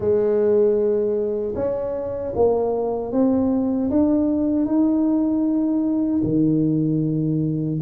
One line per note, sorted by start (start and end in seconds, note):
0.00 1.54 G#3
1.55 2.33 C#4
2.35 3.12 A#3
3.12 3.90 C4
3.90 4.65 D4
4.65 6.21 D#4
6.23 7.79 D#3